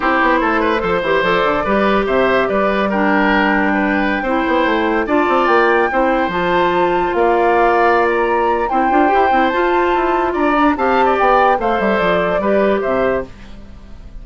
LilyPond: <<
  \new Staff \with { instrumentName = "flute" } { \time 4/4 \tempo 4 = 145 c''2. d''4~ | d''4 e''4 d''4 g''4~ | g''1~ | g''16 a''4 g''2 a''8.~ |
a''4~ a''16 f''2~ f''16 ais''8~ | ais''4 g''2 a''4~ | a''4 ais''4 a''4 g''4 | f''8 e''8 d''2 e''4 | }
  \new Staff \with { instrumentName = "oboe" } { \time 4/4 g'4 a'8 b'8 c''2 | b'4 c''4 b'4 ais'4~ | ais'4 b'4~ b'16 c''4.~ c''16~ | c''16 d''2 c''4.~ c''16~ |
c''4~ c''16 d''2~ d''8.~ | d''4 c''2.~ | c''4 d''4 f''8. d''4~ d''16 | c''2 b'4 c''4 | }
  \new Staff \with { instrumentName = "clarinet" } { \time 4/4 e'2 a'8 g'8 a'4 | g'2. d'4~ | d'2~ d'16 e'4.~ e'16~ | e'16 f'2 e'4 f'8.~ |
f'1~ | f'4 e'8 f'8 g'8 e'8 f'4~ | f'4. d'8 g'2 | a'2 g'2 | }
  \new Staff \with { instrumentName = "bassoon" } { \time 4/4 c'8 b8 a4 f8 e8 f8 d8 | g4 c4 g2~ | g2~ g16 c'8 b8 a8.~ | a16 d'8 c'8 ais4 c'4 f8.~ |
f4~ f16 ais2~ ais8.~ | ais4 c'8 d'8 e'8 c'8 f'4 | e'4 d'4 c'4 b4 | a8 g8 f4 g4 c4 | }
>>